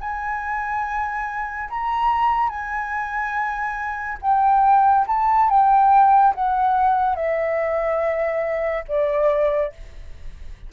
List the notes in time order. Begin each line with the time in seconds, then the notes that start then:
0.00 G#5
1.70 A#5
2.49 G#5
4.21 G5
5.07 A5
5.49 G5
6.35 F#5
7.15 E5
8.88 D5